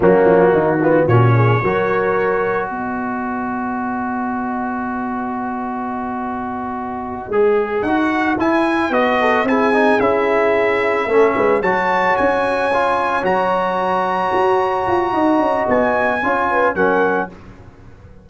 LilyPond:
<<
  \new Staff \with { instrumentName = "trumpet" } { \time 4/4 \tempo 4 = 111 fis'2 cis''2~ | cis''4 dis''2.~ | dis''1~ | dis''2~ dis''8 fis''4 gis''8~ |
gis''8 dis''4 gis''4 e''4.~ | e''4. a''4 gis''4.~ | gis''8 ais''2.~ ais''8~ | ais''4 gis''2 fis''4 | }
  \new Staff \with { instrumentName = "horn" } { \time 4/4 cis'4 dis'8 f'8 fis'8 gis'8 ais'4~ | ais'4 b'2.~ | b'1~ | b'1~ |
b'4 a'8 gis'2~ gis'8~ | gis'8 a'8 b'8 cis''2~ cis''8~ | cis''1 | dis''2 cis''8 b'8 ais'4 | }
  \new Staff \with { instrumentName = "trombone" } { \time 4/4 ais4. b8 cis'4 fis'4~ | fis'1~ | fis'1~ | fis'4. gis'4 fis'4 e'8~ |
e'8 fis'4 e'8 dis'8 e'4.~ | e'8 cis'4 fis'2 f'8~ | f'8 fis'2.~ fis'8~ | fis'2 f'4 cis'4 | }
  \new Staff \with { instrumentName = "tuba" } { \time 4/4 fis8 f8 dis4 ais,4 fis4~ | fis4 b2.~ | b1~ | b4. gis4 dis'4 e'8~ |
e'8 b4 c'4 cis'4.~ | cis'8 a8 gis8 fis4 cis'4.~ | cis'8 fis2 fis'4 f'8 | dis'8 cis'8 b4 cis'4 fis4 | }
>>